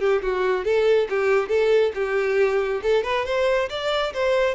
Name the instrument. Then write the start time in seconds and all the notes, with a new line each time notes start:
violin
0.00 G4
0.22 F#4
0.64 A4
1.09 G4
1.49 A4
1.94 G4
2.83 A4
3.04 B4
3.25 C5
3.69 D5
4.14 C5